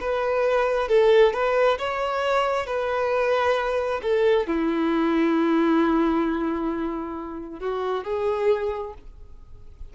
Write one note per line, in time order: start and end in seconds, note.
0.00 0.88 B4
0.88 1.33 A4
1.33 1.78 B4
1.78 2.66 C#5
2.66 4.01 B4
4.02 4.47 A4
4.47 7.60 E4
7.60 8.04 F#4
8.04 8.93 G#4